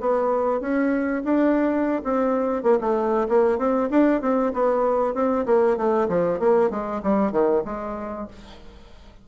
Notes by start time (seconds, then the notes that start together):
0.00 B3
0.60 C#4
1.24 D4
2.04 C4
2.62 A#3
2.80 A3
3.28 A#3
3.58 C4
3.89 D4
4.21 C4
4.53 B3
5.14 C4
5.45 A#3
5.77 A3
6.08 F3
6.39 A#3
6.70 G#3
7.03 G3
7.32 D#3
7.65 G#3